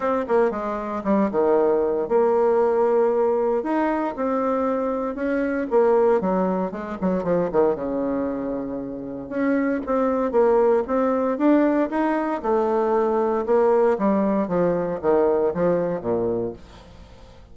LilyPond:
\new Staff \with { instrumentName = "bassoon" } { \time 4/4 \tempo 4 = 116 c'8 ais8 gis4 g8 dis4. | ais2. dis'4 | c'2 cis'4 ais4 | fis4 gis8 fis8 f8 dis8 cis4~ |
cis2 cis'4 c'4 | ais4 c'4 d'4 dis'4 | a2 ais4 g4 | f4 dis4 f4 ais,4 | }